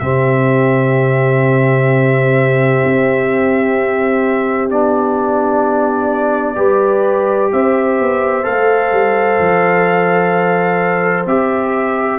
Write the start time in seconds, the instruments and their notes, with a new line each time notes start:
0.00 tuba C3, trombone C4, horn G4, trumpet E5
2.85 tuba C4
4.70 tuba B3, trombone D4, trumpet D5
6.56 tuba G3, trombone G4, horn B4
7.53 tuba C4, horn C5, trumpet E5
8.00 tuba B3
8.44 tuba A3, trombone A4, trumpet F5
8.92 tuba G3
9.39 tuba F3
11.27 tuba C4, trombone G4, trumpet E5